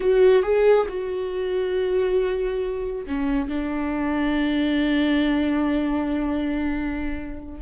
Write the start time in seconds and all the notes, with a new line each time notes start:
0.00 F#4
0.42 G#4
0.88 F#4
3.06 C#4
3.48 D4